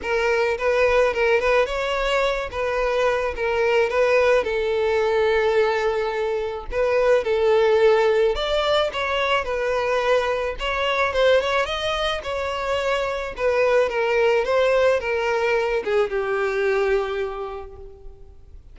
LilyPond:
\new Staff \with { instrumentName = "violin" } { \time 4/4 \tempo 4 = 108 ais'4 b'4 ais'8 b'8 cis''4~ | cis''8 b'4. ais'4 b'4 | a'1 | b'4 a'2 d''4 |
cis''4 b'2 cis''4 | c''8 cis''8 dis''4 cis''2 | b'4 ais'4 c''4 ais'4~ | ais'8 gis'8 g'2. | }